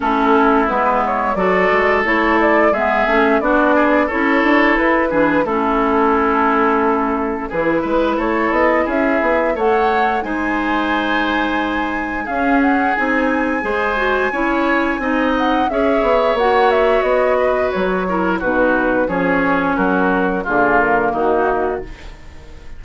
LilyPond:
<<
  \new Staff \with { instrumentName = "flute" } { \time 4/4 \tempo 4 = 88 a'4 b'8 cis''8 d''4 cis''8 d''8 | e''4 d''4 cis''4 b'4 | a'2. b'4 | cis''8 dis''8 e''4 fis''4 gis''4~ |
gis''2 f''8 fis''8 gis''4~ | gis''2~ gis''8 fis''8 e''4 | fis''8 e''8 dis''4 cis''4 b'4 | cis''4 ais'4 gis'8 ais'8 fis'4 | }
  \new Staff \with { instrumentName = "oboe" } { \time 4/4 e'2 a'2 | gis'4 fis'8 gis'8 a'4. gis'8 | e'2. gis'8 b'8 | a'4 gis'4 cis''4 c''4~ |
c''2 gis'2 | c''4 cis''4 dis''4 cis''4~ | cis''4. b'4 ais'8 fis'4 | gis'4 fis'4 f'4 dis'4 | }
  \new Staff \with { instrumentName = "clarinet" } { \time 4/4 cis'4 b4 fis'4 e'4 | b8 cis'8 d'4 e'4. d'8 | cis'2. e'4~ | e'2 a'4 dis'4~ |
dis'2 cis'4 dis'4 | gis'8 fis'8 e'4 dis'4 gis'4 | fis'2~ fis'8 e'8 dis'4 | cis'2 ais2 | }
  \new Staff \with { instrumentName = "bassoon" } { \time 4/4 a4 gis4 fis8 gis8 a4 | gis8 a8 b4 cis'8 d'8 e'8 e8 | a2. e8 gis8 | a8 b8 cis'8 b8 a4 gis4~ |
gis2 cis'4 c'4 | gis4 cis'4 c'4 cis'8 b8 | ais4 b4 fis4 b,4 | f4 fis4 d4 dis4 | }
>>